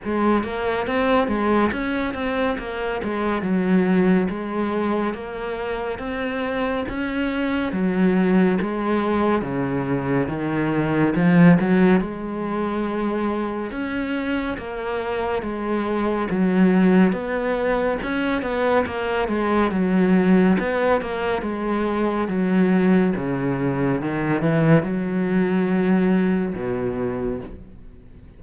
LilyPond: \new Staff \with { instrumentName = "cello" } { \time 4/4 \tempo 4 = 70 gis8 ais8 c'8 gis8 cis'8 c'8 ais8 gis8 | fis4 gis4 ais4 c'4 | cis'4 fis4 gis4 cis4 | dis4 f8 fis8 gis2 |
cis'4 ais4 gis4 fis4 | b4 cis'8 b8 ais8 gis8 fis4 | b8 ais8 gis4 fis4 cis4 | dis8 e8 fis2 b,4 | }